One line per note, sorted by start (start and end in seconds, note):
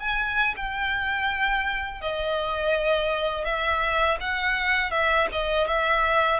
0.00 0.55 G#5
0.57 2.02 G5
2.02 3.45 D#5
3.45 4.18 E5
4.20 4.91 F#5
4.91 5.27 E5
5.32 5.67 D#5
5.67 6.40 E5